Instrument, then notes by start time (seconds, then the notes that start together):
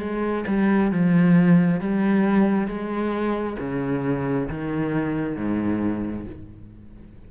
cello
0.00 G#3
0.47 G3
0.92 F3
1.80 G3
2.67 G#3
3.59 C#3
4.49 D#3
5.36 G#2